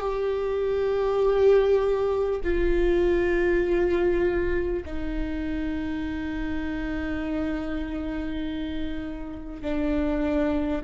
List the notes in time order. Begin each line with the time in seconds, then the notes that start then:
0.00 G4
2.43 F4
4.85 D#4
9.62 D4